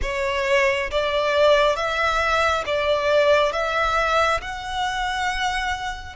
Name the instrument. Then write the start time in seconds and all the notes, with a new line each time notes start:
violin
0.02 C#5
0.90 D5
1.76 E5
2.66 D5
3.52 E5
4.41 F#5